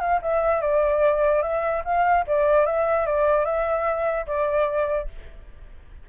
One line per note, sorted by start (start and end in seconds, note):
0.00 0.20 F5
0.22 0.61 E5
0.61 1.42 D5
1.42 1.83 E5
1.84 2.25 F5
2.27 2.66 D5
2.66 3.06 E5
3.06 3.45 D5
3.45 4.26 E5
4.26 5.07 D5